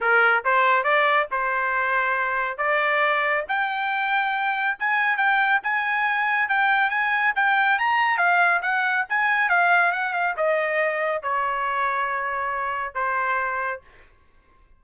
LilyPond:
\new Staff \with { instrumentName = "trumpet" } { \time 4/4 \tempo 4 = 139 ais'4 c''4 d''4 c''4~ | c''2 d''2 | g''2. gis''4 | g''4 gis''2 g''4 |
gis''4 g''4 ais''4 f''4 | fis''4 gis''4 f''4 fis''8 f''8 | dis''2 cis''2~ | cis''2 c''2 | }